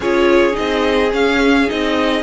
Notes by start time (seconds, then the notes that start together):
0.00 C#4 F4 G#4 C#5
0.52 D#4 D#5
0.59 C4
1.11 C#4 F5
1.67 C4 D#4 D#5